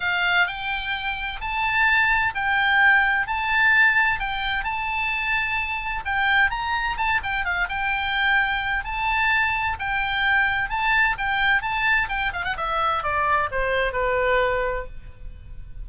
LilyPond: \new Staff \with { instrumentName = "oboe" } { \time 4/4 \tempo 4 = 129 f''4 g''2 a''4~ | a''4 g''2 a''4~ | a''4 g''4 a''2~ | a''4 g''4 ais''4 a''8 g''8 |
f''8 g''2~ g''8 a''4~ | a''4 g''2 a''4 | g''4 a''4 g''8 f''16 fis''16 e''4 | d''4 c''4 b'2 | }